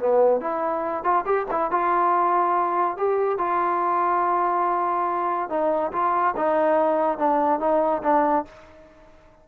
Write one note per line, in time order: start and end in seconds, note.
0.00 0.41 B3
0.41 1.04 E4
1.04 1.25 F4
1.26 1.47 G4
1.52 1.72 E4
1.72 2.97 F4
2.97 3.39 G4
3.39 5.50 F4
5.50 5.92 D#4
5.93 6.35 F4
6.37 7.19 D#4
7.19 7.60 D4
7.60 8.03 D#4
8.03 8.46 D4